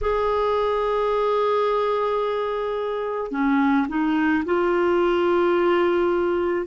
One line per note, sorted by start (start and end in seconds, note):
0.01 3.31 G#4
3.31 3.86 C#4
3.88 4.44 D#4
4.45 6.66 F4